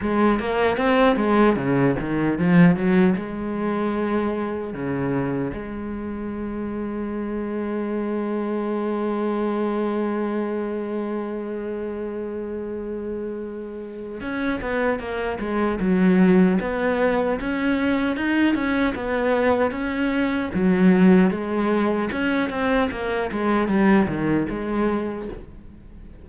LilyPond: \new Staff \with { instrumentName = "cello" } { \time 4/4 \tempo 4 = 76 gis8 ais8 c'8 gis8 cis8 dis8 f8 fis8 | gis2 cis4 gis4~ | gis1~ | gis1~ |
gis2 cis'8 b8 ais8 gis8 | fis4 b4 cis'4 dis'8 cis'8 | b4 cis'4 fis4 gis4 | cis'8 c'8 ais8 gis8 g8 dis8 gis4 | }